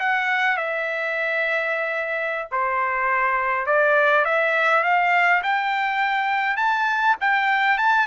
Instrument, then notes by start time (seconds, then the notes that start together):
trumpet
0.00 F#5
0.57 E5
2.52 C5
3.67 D5
4.25 E5
4.84 F5
5.43 G5
6.57 A5
7.21 G5
7.78 A5